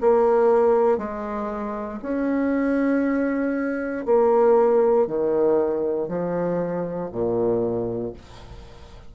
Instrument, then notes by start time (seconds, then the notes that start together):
bassoon
0.00 A#3
0.98 G#3
2.02 C#4
4.05 A#3
5.07 D#3
6.08 F3
7.11 A#2